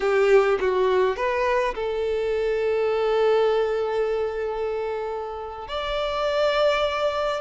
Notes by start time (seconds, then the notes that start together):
0.00 G4
0.60 F#4
1.16 B4
1.74 A4
5.68 D5